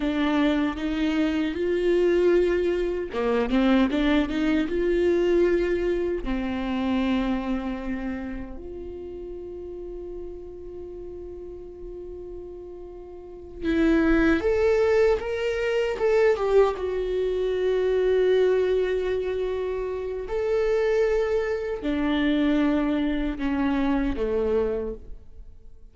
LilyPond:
\new Staff \with { instrumentName = "viola" } { \time 4/4 \tempo 4 = 77 d'4 dis'4 f'2 | ais8 c'8 d'8 dis'8 f'2 | c'2. f'4~ | f'1~ |
f'4. e'4 a'4 ais'8~ | ais'8 a'8 g'8 fis'2~ fis'8~ | fis'2 a'2 | d'2 cis'4 a4 | }